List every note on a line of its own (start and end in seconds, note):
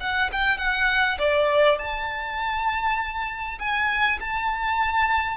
0.00 0.30 F#5
0.32 0.58 G5
0.58 1.18 F#5
1.18 1.78 D5
1.79 3.59 A5
3.59 4.19 G#5
4.21 5.37 A5